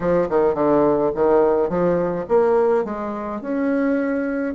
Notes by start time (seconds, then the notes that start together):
0.00 F3
0.29 D#3
0.54 D3
1.14 D#3
1.69 F3
2.28 A#3
2.84 G#3
3.41 C#4